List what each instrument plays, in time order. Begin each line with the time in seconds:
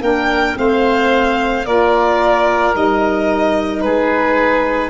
0.00 tuba A#3, saxophone D4, oboe A#4, violin G5
0.55 tuba A3, saxophone C4, oboe C5, violin F5
1.65 tuba A#3, saxophone F4, oboe A#4, violin D5
2.73 tuba G3, saxophone D#4, violin D#5
3.80 tuba G#3, oboe G#4, violin B4